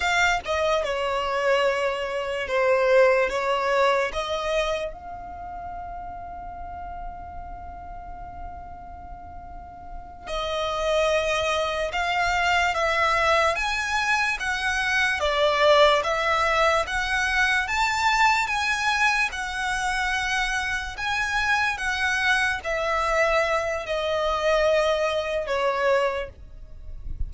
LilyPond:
\new Staff \with { instrumentName = "violin" } { \time 4/4 \tempo 4 = 73 f''8 dis''8 cis''2 c''4 | cis''4 dis''4 f''2~ | f''1~ | f''8 dis''2 f''4 e''8~ |
e''8 gis''4 fis''4 d''4 e''8~ | e''8 fis''4 a''4 gis''4 fis''8~ | fis''4. gis''4 fis''4 e''8~ | e''4 dis''2 cis''4 | }